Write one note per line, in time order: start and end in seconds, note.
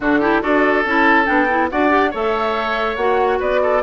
0.00 0.42 D3
0.00 0.21 D4
0.00 0.19 F#4
0.00 0.42 A4
0.19 0.41 E4
0.19 0.41 G4
0.41 0.85 D4
0.41 0.84 F#4
0.41 1.70 A4
0.41 0.85 D5
0.85 1.27 C#4
0.85 1.25 E4
0.85 1.26 A5
1.25 1.70 B3
1.25 1.47 D4
1.25 1.68 G5
1.49 1.70 E4
1.70 2.13 D4
1.70 1.89 F#4
1.70 2.11 D5
1.70 2.12 F#5
1.89 2.10 G4
2.11 2.96 A3
2.11 2.98 A4
2.11 3.38 C#5
2.11 2.95 E5
2.95 3.39 A#3
2.95 3.82 F#4
2.95 3.38 F#5
3.39 3.82 B3
3.39 3.60 B4
3.39 3.82 D5
3.62 3.82 A4